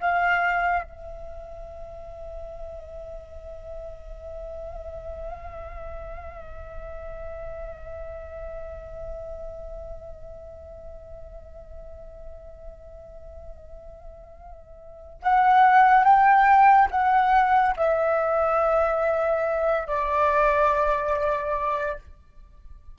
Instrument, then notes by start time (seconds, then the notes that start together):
flute
0.00 F5
0.83 E5
15.22 F#5
16.04 G5
16.91 F#5
17.76 E5
19.87 D5